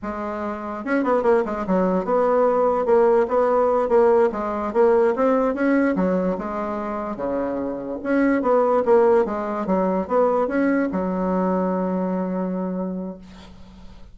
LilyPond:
\new Staff \with { instrumentName = "bassoon" } { \time 4/4 \tempo 4 = 146 gis2 cis'8 b8 ais8 gis8 | fis4 b2 ais4 | b4. ais4 gis4 ais8~ | ais8 c'4 cis'4 fis4 gis8~ |
gis4. cis2 cis'8~ | cis'8 b4 ais4 gis4 fis8~ | fis8 b4 cis'4 fis4.~ | fis1 | }